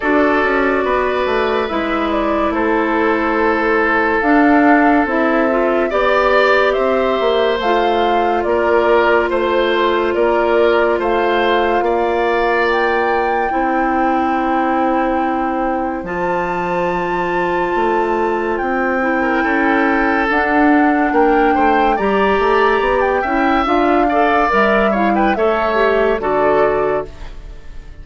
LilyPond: <<
  \new Staff \with { instrumentName = "flute" } { \time 4/4 \tempo 4 = 71 d''2 e''8 d''8 c''4~ | c''4 f''4 e''4 d''4 | e''4 f''4 d''4 c''4 | d''4 f''2 g''4~ |
g''2. a''4~ | a''2 g''2 | fis''4 g''4 ais''4~ ais''16 g''8. | f''4 e''8 f''16 g''16 e''4 d''4 | }
  \new Staff \with { instrumentName = "oboe" } { \time 4/4 a'4 b'2 a'4~ | a'2. d''4 | c''2 ais'4 c''4 | ais'4 c''4 d''2 |
c''1~ | c''2~ c''8. ais'16 a'4~ | a'4 ais'8 c''8 d''4. e''8~ | e''8 d''4 cis''16 b'16 cis''4 a'4 | }
  \new Staff \with { instrumentName = "clarinet" } { \time 4/4 fis'2 e'2~ | e'4 d'4 e'8 f'8 g'4~ | g'4 f'2.~ | f'1 |
e'2. f'4~ | f'2~ f'8 e'4. | d'2 g'4. e'8 | f'8 a'8 ais'8 e'8 a'8 g'8 fis'4 | }
  \new Staff \with { instrumentName = "bassoon" } { \time 4/4 d'8 cis'8 b8 a8 gis4 a4~ | a4 d'4 c'4 b4 | c'8 ais8 a4 ais4 a4 | ais4 a4 ais2 |
c'2. f4~ | f4 a4 c'4 cis'4 | d'4 ais8 a8 g8 a8 b8 cis'8 | d'4 g4 a4 d4 | }
>>